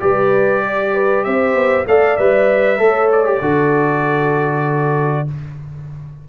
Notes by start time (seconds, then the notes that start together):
0.00 G3 G4 B4 D5
0.65 D5
0.95 B4
1.24 C4 C5 E5
1.55 B3
1.86 A3 A4 D5 F5
2.16 G3 B4 E5
2.79 A3 A4 C#5
3.12 D5
3.25 G4
3.42 D3 F#4 A4